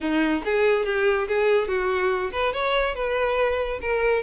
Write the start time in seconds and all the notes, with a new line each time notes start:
0.00 D#4
0.44 G#4
0.85 G4
1.28 G#4
1.68 F#4
2.31 B4
2.53 C#5
2.95 B4
3.81 A#4